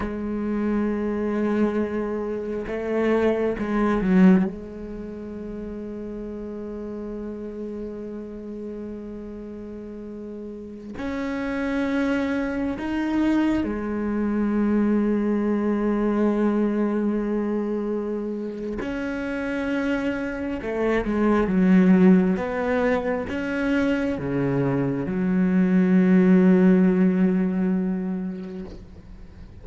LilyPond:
\new Staff \with { instrumentName = "cello" } { \time 4/4 \tempo 4 = 67 gis2. a4 | gis8 fis8 gis2.~ | gis1~ | gis16 cis'2 dis'4 gis8.~ |
gis1~ | gis4 cis'2 a8 gis8 | fis4 b4 cis'4 cis4 | fis1 | }